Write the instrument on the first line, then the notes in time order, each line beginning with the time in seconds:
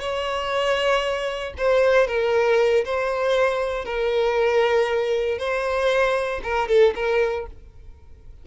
violin
0.00 C#5
1.58 C5
2.07 A#4
2.85 C5
3.85 A#4
5.38 C5
6.43 A#4
6.68 A4
6.95 A#4